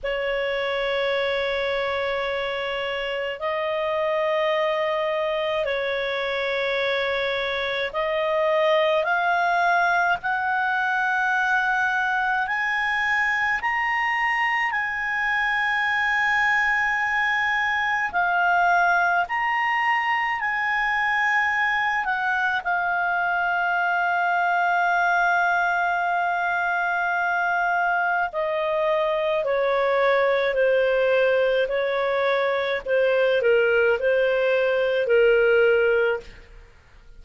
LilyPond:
\new Staff \with { instrumentName = "clarinet" } { \time 4/4 \tempo 4 = 53 cis''2. dis''4~ | dis''4 cis''2 dis''4 | f''4 fis''2 gis''4 | ais''4 gis''2. |
f''4 ais''4 gis''4. fis''8 | f''1~ | f''4 dis''4 cis''4 c''4 | cis''4 c''8 ais'8 c''4 ais'4 | }